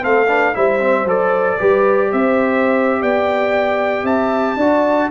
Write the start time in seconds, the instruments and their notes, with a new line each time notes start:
0.00 tuba A3, trombone C4, horn A4, trumpet F5
0.27 trombone D4, horn B4
0.53 tuba G3, trombone E4, horn C5, trumpet E5
0.79 trombone C4
1.04 tuba F#3, trombone A4, trumpet D5
1.58 tuba G3, trombone G4, horn B4
2.12 tuba C4, horn C5, trumpet E5
3.00 tuba B3, horn D5, trumpet G5
4.03 tuba C4, horn E5, trumpet A5
4.56 tuba D4, trombone F#4, horn D5